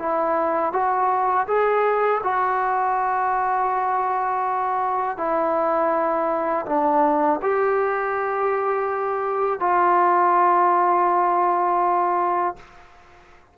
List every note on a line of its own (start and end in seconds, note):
0.00 0.73 E4
0.73 1.47 F#4
1.48 2.22 G#4
2.24 5.18 F#4
5.18 6.66 E4
6.66 7.40 D4
7.43 9.60 G4
9.60 12.57 F4